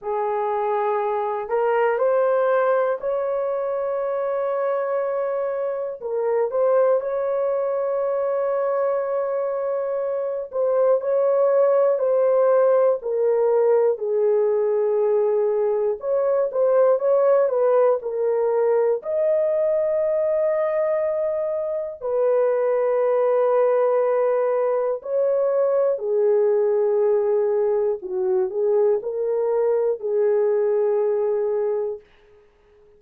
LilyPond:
\new Staff \with { instrumentName = "horn" } { \time 4/4 \tempo 4 = 60 gis'4. ais'8 c''4 cis''4~ | cis''2 ais'8 c''8 cis''4~ | cis''2~ cis''8 c''8 cis''4 | c''4 ais'4 gis'2 |
cis''8 c''8 cis''8 b'8 ais'4 dis''4~ | dis''2 b'2~ | b'4 cis''4 gis'2 | fis'8 gis'8 ais'4 gis'2 | }